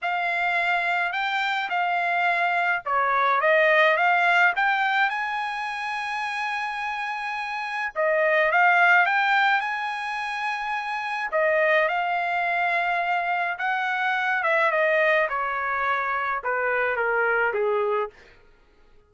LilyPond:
\new Staff \with { instrumentName = "trumpet" } { \time 4/4 \tempo 4 = 106 f''2 g''4 f''4~ | f''4 cis''4 dis''4 f''4 | g''4 gis''2.~ | gis''2 dis''4 f''4 |
g''4 gis''2. | dis''4 f''2. | fis''4. e''8 dis''4 cis''4~ | cis''4 b'4 ais'4 gis'4 | }